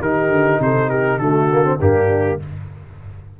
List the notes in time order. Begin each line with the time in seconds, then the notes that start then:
0.00 D#3 D#4 G4 A#4
0.29 D3
0.59 C3 A4 C5
0.89 G4 A#4
1.18 D3 A3 F#4 A4
1.50 A#3
1.63 C4
1.80 G2 A#3 D4 G4